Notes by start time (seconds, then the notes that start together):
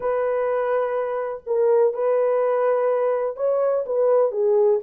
0.00 B4
1.46 A#4
1.93 B4
3.36 C#5
3.86 B4
4.31 G#4